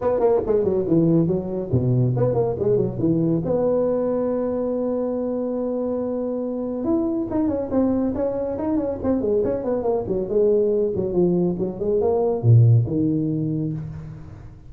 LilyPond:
\new Staff \with { instrumentName = "tuba" } { \time 4/4 \tempo 4 = 140 b8 ais8 gis8 fis8 e4 fis4 | b,4 b8 ais8 gis8 fis8 e4 | b1~ | b1 |
e'4 dis'8 cis'8 c'4 cis'4 | dis'8 cis'8 c'8 gis8 cis'8 b8 ais8 fis8 | gis4. fis8 f4 fis8 gis8 | ais4 ais,4 dis2 | }